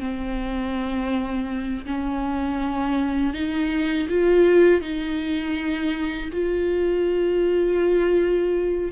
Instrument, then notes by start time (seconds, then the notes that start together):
viola
0.00 C4
1.86 C#4
3.34 D#4
4.09 F4
4.81 D#4
6.33 F4